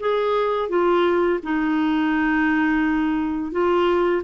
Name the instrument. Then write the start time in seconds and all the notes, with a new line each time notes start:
clarinet
0.00 G#4
0.69 F4
1.43 D#4
3.52 F4